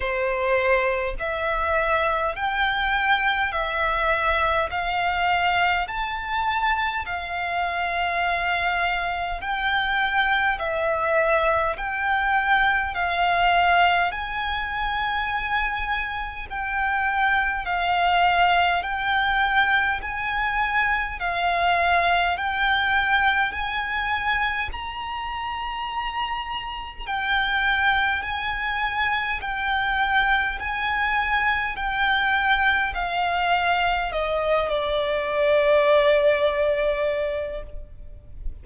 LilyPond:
\new Staff \with { instrumentName = "violin" } { \time 4/4 \tempo 4 = 51 c''4 e''4 g''4 e''4 | f''4 a''4 f''2 | g''4 e''4 g''4 f''4 | gis''2 g''4 f''4 |
g''4 gis''4 f''4 g''4 | gis''4 ais''2 g''4 | gis''4 g''4 gis''4 g''4 | f''4 dis''8 d''2~ d''8 | }